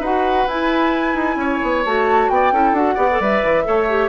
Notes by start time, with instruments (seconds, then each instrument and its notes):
0.00 bassoon D#4, clarinet F#4, oboe B4, flute F#5
0.48 bassoon E4, clarinet E4, flute G#5
1.15 bassoon D#4
1.36 bassoon C#4, oboe C#5
1.63 bassoon B3
1.85 bassoon A3, clarinet F#4, flute A5
2.30 bassoon B3, oboe D5, flute G5
2.53 bassoon C#4, clarinet E4, oboe A4
2.73 bassoon D4, clarinet F#4, flute F#5
2.95 bassoon B3, clarinet G4, oboe D5
3.12 clarinet A4
3.20 bassoon G3, clarinet B4, flute E5
3.44 bassoon E3
3.65 bassoon A3, clarinet A4, oboe C#5
3.90 clarinet G4